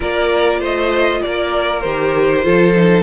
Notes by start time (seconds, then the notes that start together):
0.00 A#3 F4 A#4 D5
0.59 A3 C5 D#5
1.22 A#3 A#4 D5
1.80 D#3 G4 C5
2.43 F3 F4 A4
2.75 D#4